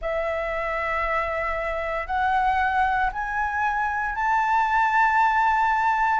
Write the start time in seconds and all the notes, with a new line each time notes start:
0.01 E5
2.06 F#5
3.12 G#5
4.15 A5